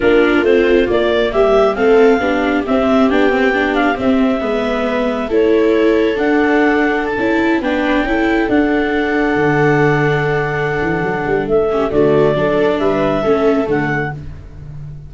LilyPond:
<<
  \new Staff \with { instrumentName = "clarinet" } { \time 4/4 \tempo 4 = 136 ais'4 c''4 d''4 e''4 | f''2 e''4 g''4~ | g''8 f''8 e''2. | cis''2 fis''2 |
a''4~ a''16 g''2 fis''8.~ | fis''1~ | fis''2 e''4 d''4~ | d''4 e''2 fis''4 | }
  \new Staff \with { instrumentName = "viola" } { \time 4/4 f'2. g'4 | a'4 g'2.~ | g'2 b'2 | a'1~ |
a'4~ a'16 b'4 a'4.~ a'16~ | a'1~ | a'2~ a'8 g'8 fis'4 | a'4 b'4 a'2 | }
  \new Staff \with { instrumentName = "viola" } { \time 4/4 d'4 c'4 ais2 | c'4 d'4 c'4 d'8 c'8 | d'4 c'4 b2 | e'2 d'2~ |
d'16 e'4 d'4 e'4 d'8.~ | d'1~ | d'2~ d'8 cis'8 a4 | d'2 cis'4 a4 | }
  \new Staff \with { instrumentName = "tuba" } { \time 4/4 ais4 a4 ais4 g4 | a4 b4 c'4 b4~ | b4 c'4 gis2 | a2 d'2~ |
d'16 cis'4 b4 cis'4 d'8.~ | d'4~ d'16 d2~ d8.~ | d8 e8 fis8 g8 a4 d4 | fis4 g4 a4 d4 | }
>>